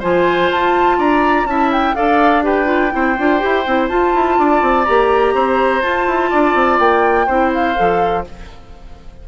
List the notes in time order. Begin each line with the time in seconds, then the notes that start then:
0.00 F3 F4 C5 G#5
0.51 F4 A5
0.99 D4 D5 A#5
1.45 C#4 E4 E5 A5
1.72 G5
1.95 D4 A4 D5 F5
2.43 G4 B4 G5
2.66 F4
2.91 C4 E4 C5
3.19 D4 F4
3.39 E4 G4
3.66 C4 E4
3.88 F4 A5
4.14 E4
4.39 D4 D5
4.62 C4
4.85 A#3 G4 A#5
5.34 C4 C5
5.82 F4 A5
6.07 E4
6.30 D4 D5
6.55 C4
6.79 A#3 G5
7.27 C4 E4 C5
7.54 F5
7.76 F3 A4